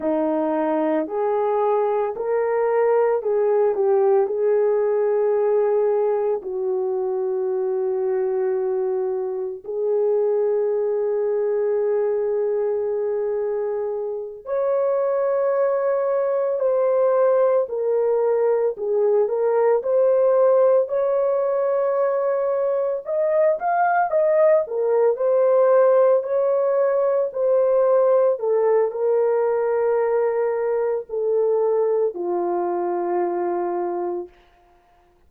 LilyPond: \new Staff \with { instrumentName = "horn" } { \time 4/4 \tempo 4 = 56 dis'4 gis'4 ais'4 gis'8 g'8 | gis'2 fis'2~ | fis'4 gis'2.~ | gis'4. cis''2 c''8~ |
c''8 ais'4 gis'8 ais'8 c''4 cis''8~ | cis''4. dis''8 f''8 dis''8 ais'8 c''8~ | c''8 cis''4 c''4 a'8 ais'4~ | ais'4 a'4 f'2 | }